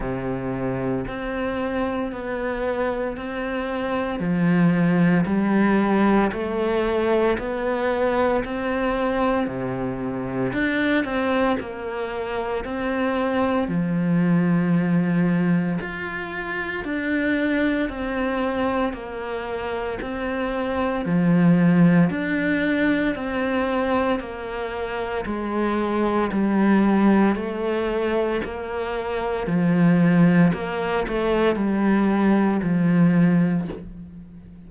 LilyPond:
\new Staff \with { instrumentName = "cello" } { \time 4/4 \tempo 4 = 57 c4 c'4 b4 c'4 | f4 g4 a4 b4 | c'4 c4 d'8 c'8 ais4 | c'4 f2 f'4 |
d'4 c'4 ais4 c'4 | f4 d'4 c'4 ais4 | gis4 g4 a4 ais4 | f4 ais8 a8 g4 f4 | }